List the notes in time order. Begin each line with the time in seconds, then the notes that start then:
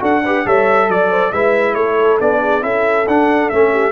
0.00 D4 F#4 A4 F#5
0.25 G4 B4
0.46 G3 A4 C#5 E5
0.89 F#3 D5
1.11 C5
1.33 G#3 E4 B4 E5
1.75 A3 A4 C#5
2.21 B3 D4 D5
2.42 G#4
2.62 C#4 E4 A4 E5
3.08 D4 F#5
3.50 A3 C#4 E5
3.73 G4